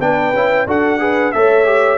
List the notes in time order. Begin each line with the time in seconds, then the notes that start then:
0.00 B3 D4 B4 G5
0.33 C#4 E4
0.67 D4 F#4 A4 F#5
1.00 G#4 B4
1.32 A3 A4 C#5 E5
1.65 G4